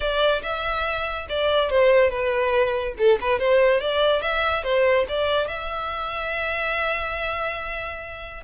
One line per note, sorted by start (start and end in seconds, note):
0.00 0.42 D5
0.42 1.26 E5
1.29 1.70 D5
1.70 2.09 C5
2.09 2.94 B4
2.98 3.19 A4
3.21 3.39 B4
3.39 3.80 C5
3.80 4.22 D5
4.22 4.63 E5
4.63 5.06 C5
5.08 5.47 D5
5.47 8.43 E5